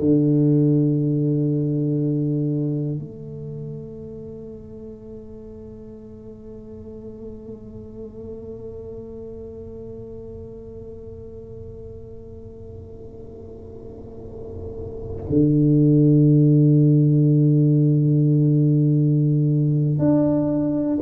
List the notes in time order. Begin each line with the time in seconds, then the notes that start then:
0.00 D3
2.99 A3
15.30 D3
19.99 D4